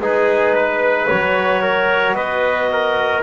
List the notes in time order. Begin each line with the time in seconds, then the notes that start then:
0.00 G#3 D#4 G#4 B4
0.54 B4
1.08 F#3 F#4 C#5
1.61 A#4
2.13 B3 B4 D#5
2.72 A#4